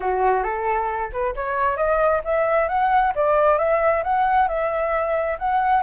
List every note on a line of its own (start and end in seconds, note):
0.00 0.43 F#4
0.43 1.10 A4
1.12 1.34 B4
1.35 1.76 C#5
1.76 2.21 D#5
2.24 2.68 E5
2.68 3.13 F#5
3.15 3.58 D5
3.58 4.03 E5
4.03 4.48 F#5
4.48 5.37 E5
5.39 5.82 F#5